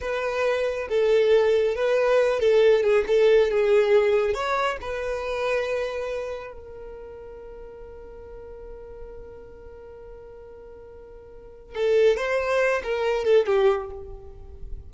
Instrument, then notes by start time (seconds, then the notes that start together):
violin
0.00 B4
0.88 A4
1.75 B4
2.39 A4
2.83 G#4
3.07 A4
3.50 G#4
4.34 C#5
4.81 B4
6.53 A#4
11.75 A4
12.17 C5
12.83 A#4
13.24 A4
13.46 G4